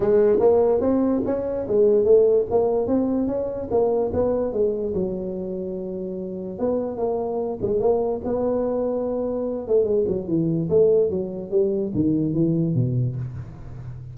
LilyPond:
\new Staff \with { instrumentName = "tuba" } { \time 4/4 \tempo 4 = 146 gis4 ais4 c'4 cis'4 | gis4 a4 ais4 c'4 | cis'4 ais4 b4 gis4 | fis1 |
b4 ais4. gis8 ais4 | b2.~ b8 a8 | gis8 fis8 e4 a4 fis4 | g4 dis4 e4 b,4 | }